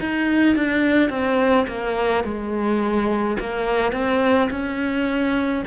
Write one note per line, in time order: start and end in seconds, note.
0.00 0.56 D#4
0.56 1.10 D4
1.10 1.66 C4
1.67 2.24 A#3
2.24 3.37 G#3
3.40 3.92 A#3
3.92 4.49 C4
4.50 5.63 C#4